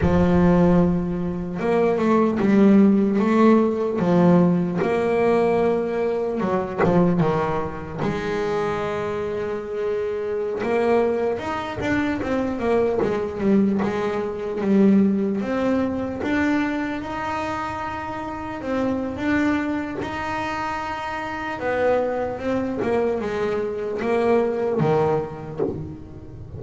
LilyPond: \new Staff \with { instrumentName = "double bass" } { \time 4/4 \tempo 4 = 75 f2 ais8 a8 g4 | a4 f4 ais2 | fis8 f8 dis4 gis2~ | gis4~ gis16 ais4 dis'8 d'8 c'8 ais16~ |
ais16 gis8 g8 gis4 g4 c'8.~ | c'16 d'4 dis'2 c'8. | d'4 dis'2 b4 | c'8 ais8 gis4 ais4 dis4 | }